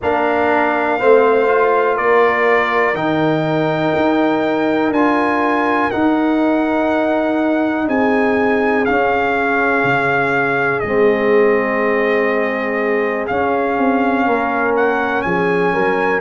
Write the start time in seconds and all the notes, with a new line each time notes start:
0.02 A#3 D4 A#4 F5
0.99 A3 C4 C5
1.47 F4
1.96 A#3 A#4 D5
2.94 D#3 D#4 G5
3.95 D#4
4.90 D4 F4 G#5
5.90 D#4 F#5
7.87 C4 G#4 G#5
8.85 C#4 F5
9.83 C#3
10.79 G#3 C4 D#5
13.27 C#4 F5
13.78 C4
14.26 A#3 A#4
14.76 F#5
15.22 F3 G#4 G#5
15.73 F#3 A#4